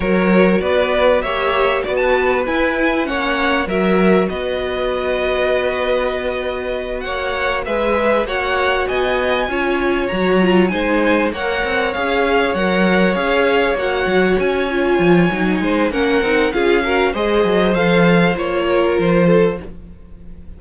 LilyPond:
<<
  \new Staff \with { instrumentName = "violin" } { \time 4/4 \tempo 4 = 98 cis''4 d''4 e''4 d''16 a''8. | gis''4 fis''4 e''4 dis''4~ | dis''2.~ dis''8 fis''8~ | fis''8 e''4 fis''4 gis''4.~ |
gis''8 ais''4 gis''4 fis''4 f''8~ | f''8 fis''4 f''4 fis''4 gis''8~ | gis''2 fis''4 f''4 | dis''4 f''4 cis''4 c''4 | }
  \new Staff \with { instrumentName = "violin" } { \time 4/4 ais'4 b'4 cis''4 b'4~ | b'4 cis''4 ais'4 b'4~ | b'2.~ b'8 cis''8~ | cis''8 b'4 cis''4 dis''4 cis''8~ |
cis''4. c''4 cis''4.~ | cis''1~ | cis''4. c''8 ais'4 gis'8 ais'8 | c''2~ c''8 ais'4 a'8 | }
  \new Staff \with { instrumentName = "viola" } { \time 4/4 fis'2 g'4 fis'4 | e'4 cis'4 fis'2~ | fis'1~ | fis'8 gis'4 fis'2 f'8~ |
f'8 fis'8 f'8 dis'4 ais'4 gis'8~ | gis'8 ais'4 gis'4 fis'4. | f'4 dis'4 cis'8 dis'8 f'8 fis'8 | gis'4 a'4 f'2 | }
  \new Staff \with { instrumentName = "cello" } { \time 4/4 fis4 b4 ais4 b4 | e'4 ais4 fis4 b4~ | b2.~ b8 ais8~ | ais8 gis4 ais4 b4 cis'8~ |
cis'8 fis4 gis4 ais8 c'8 cis'8~ | cis'8 fis4 cis'4 ais8 fis8 cis'8~ | cis'8 f8 fis8 gis8 ais8 c'8 cis'4 | gis8 fis8 f4 ais4 f4 | }
>>